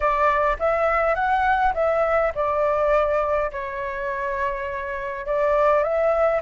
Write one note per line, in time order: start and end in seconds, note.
0.00 0.57 D5
0.59 1.15 E5
1.15 1.73 F#5
1.74 2.32 E5
2.34 3.51 D5
3.51 5.26 C#5
5.26 5.83 D5
5.83 6.41 E5